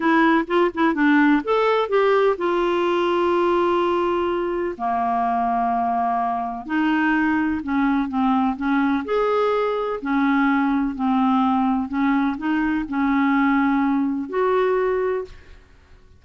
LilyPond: \new Staff \with { instrumentName = "clarinet" } { \time 4/4 \tempo 4 = 126 e'4 f'8 e'8 d'4 a'4 | g'4 f'2.~ | f'2 ais2~ | ais2 dis'2 |
cis'4 c'4 cis'4 gis'4~ | gis'4 cis'2 c'4~ | c'4 cis'4 dis'4 cis'4~ | cis'2 fis'2 | }